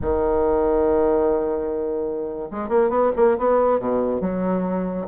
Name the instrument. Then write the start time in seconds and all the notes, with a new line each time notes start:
bassoon
0.01 D#3
2.50 G#3
2.68 A#3
2.89 B3
3.15 A#3
3.37 B3
3.79 B2
4.20 F#3